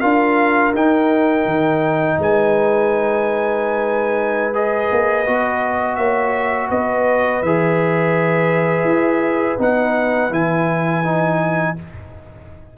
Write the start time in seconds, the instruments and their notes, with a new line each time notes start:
0.00 tuba D4, trombone F4, horn A#4, trumpet F5
0.74 tuba D#4, trombone D#4, trumpet G5
1.45 tuba D#3
2.18 tuba G#3, horn B4, trumpet G#5
4.53 trombone G#4, trumpet D#5
4.91 tuba A#3
5.26 tuba B3, trombone F#4
5.95 tuba A#3, horn C#5, trumpet E5
6.69 tuba B3, horn B4, trumpet D#5
7.42 tuba E3, trombone G#4, trumpet E5
8.84 tuba E4
9.58 tuba B3, trombone D#4, trumpet F#5
10.30 tuba E3, trombone E4, trumpet G#5
11.04 trombone D#4